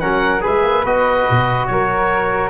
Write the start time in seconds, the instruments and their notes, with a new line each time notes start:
0.00 tuba F#3, trombone C#4, flute A#4, oboe F#5
0.41 tuba G#3, trombone G#4, flute B4, oboe E5
0.63 tuba A#3
0.85 tuba B3, trombone F#4, oboe D#5
1.30 tuba B2
1.67 tuba F#3, flute A#4, oboe C#5